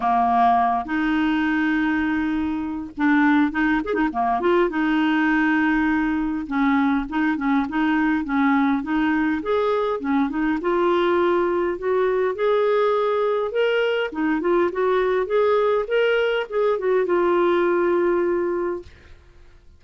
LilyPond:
\new Staff \with { instrumentName = "clarinet" } { \time 4/4 \tempo 4 = 102 ais4. dis'2~ dis'8~ | dis'4 d'4 dis'8 gis'16 dis'16 ais8 f'8 | dis'2. cis'4 | dis'8 cis'8 dis'4 cis'4 dis'4 |
gis'4 cis'8 dis'8 f'2 | fis'4 gis'2 ais'4 | dis'8 f'8 fis'4 gis'4 ais'4 | gis'8 fis'8 f'2. | }